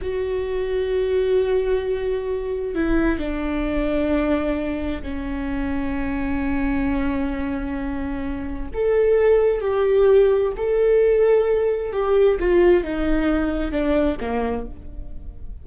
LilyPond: \new Staff \with { instrumentName = "viola" } { \time 4/4 \tempo 4 = 131 fis'1~ | fis'2 e'4 d'4~ | d'2. cis'4~ | cis'1~ |
cis'2. a'4~ | a'4 g'2 a'4~ | a'2 g'4 f'4 | dis'2 d'4 ais4 | }